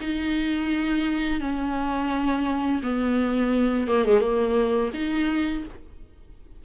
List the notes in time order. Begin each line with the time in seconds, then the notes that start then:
0.00 D#4
1.40 C#4
2.83 B3
3.88 A#3
4.05 G#3
4.20 A#3
4.93 D#4